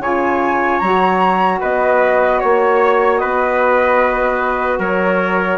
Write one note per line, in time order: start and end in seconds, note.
0.00 0.80 C#3
0.00 0.82 F4
0.00 1.61 C#5
0.00 0.79 G#5
0.79 1.62 F#3
0.79 5.58 F#4
0.79 1.59 A#5
1.61 2.43 B3
1.61 2.41 B4
1.61 2.40 D#5
2.40 3.23 A#3
2.40 3.18 C#5
2.40 3.21 C#5
3.18 4.79 B3
3.18 4.80 B4
3.18 4.78 D#5
4.79 5.58 F#3
4.79 5.58 A#4
4.79 5.58 C#5